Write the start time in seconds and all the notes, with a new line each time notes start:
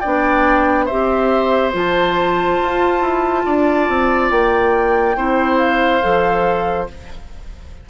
0.00 B3 D4 D5 G5
0.86 C4 G4 C5 E5
1.73 F3 F4 A5
2.62 F4
3.02 E4
3.46 D4 D5
3.89 C4
4.31 A#3 G5
5.16 C4 E4 C5
5.58 F5
6.02 F3 A4